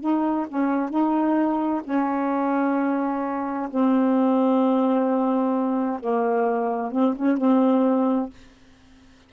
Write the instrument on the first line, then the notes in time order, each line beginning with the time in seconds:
saxophone
0.00 D#4
0.48 C#4
0.89 D#4
1.84 C#4
3.70 C4
6.00 A#3
6.91 C4
7.16 C#4
7.37 C4